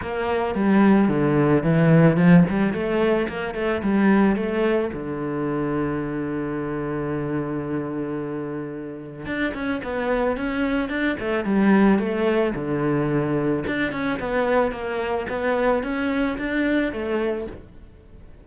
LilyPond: \new Staff \with { instrumentName = "cello" } { \time 4/4 \tempo 4 = 110 ais4 g4 d4 e4 | f8 g8 a4 ais8 a8 g4 | a4 d2.~ | d1~ |
d4 d'8 cis'8 b4 cis'4 | d'8 a8 g4 a4 d4~ | d4 d'8 cis'8 b4 ais4 | b4 cis'4 d'4 a4 | }